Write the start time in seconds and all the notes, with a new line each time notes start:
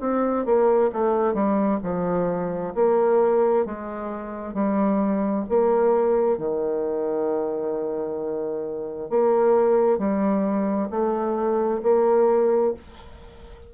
0.00 C4
0.45 A#3
0.93 A3
1.33 G3
1.83 F3
2.75 A#3
3.65 G#3
4.54 G3
5.49 A#3
6.38 D#3
9.10 A#3
9.98 G3
10.90 A3
11.83 A#3